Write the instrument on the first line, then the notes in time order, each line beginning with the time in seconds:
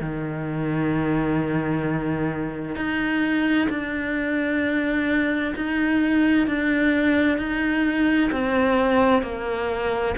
cello
0.00 D#3
2.75 D#4
3.69 D4
5.55 D#4
6.47 D4
7.38 D#4
8.31 C4
9.22 A#3